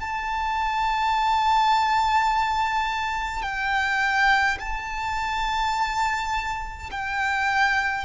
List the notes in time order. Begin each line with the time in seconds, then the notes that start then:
0.00 A5
3.42 G5
4.59 A5
6.91 G5